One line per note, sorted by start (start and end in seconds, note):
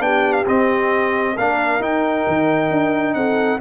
0.00 0.45 B3
0.00 0.45 D4
0.00 1.36 G4
0.00 0.33 G5
0.33 0.44 F5
0.46 1.36 C4
0.46 1.37 C4
0.46 1.37 D#5
1.36 1.80 A#3
1.36 1.81 D4
1.36 3.15 A#4
1.36 1.82 F5
1.80 2.24 D#4
1.80 3.60 D#4
1.80 3.14 G5
2.27 2.70 D#3
2.70 3.15 D4
3.14 3.60 C4
3.14 3.60 A4
3.14 3.59 F#5